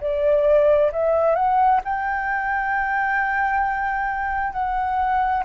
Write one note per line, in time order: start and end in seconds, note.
0.00 0.91 D5
0.92 1.35 E5
1.35 1.80 F#5
1.84 4.52 G5
4.52 5.43 F#5